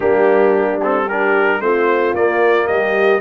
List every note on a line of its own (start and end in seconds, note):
0.00 1.60 G3
0.00 0.80 A#3
0.00 1.05 D4
0.00 0.80 G4
0.82 1.09 C4
0.82 1.09 A4
1.05 1.61 D4
1.05 1.59 G4
1.05 1.61 A#4
1.60 2.13 A3
1.60 2.14 C4
1.60 2.67 F4
1.60 2.14 C5
2.14 2.67 A#3
2.14 3.20 A#3
2.14 2.67 D5
2.67 3.20 G3
2.67 3.20 G4
2.67 3.20 D#5